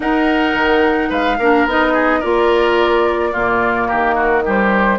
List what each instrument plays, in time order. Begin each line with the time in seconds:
0.00 bassoon D#4, clarinet D#4, oboe A#4, flute F#5
0.54 bassoon D#3
1.09 bassoon G#3, oboe B4, flute F5
1.38 bassoon A#3, clarinet D4, oboe A#4
1.66 bassoon B3, clarinet D#4, flute D#5
1.93 oboe G#4
2.19 bassoon A#3, clarinet F4, oboe A#4, flute D5
3.32 bassoon A#2, clarinet A#3, oboe F4
3.87 bassoon D#3, oboe G4, flute A#4
4.15 oboe F#4
4.44 clarinet G3, oboe G4, flute C5